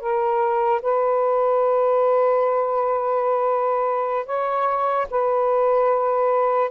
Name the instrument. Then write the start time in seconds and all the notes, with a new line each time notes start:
saxophone
0.00 A#4
0.82 B4
4.26 C#5
5.10 B4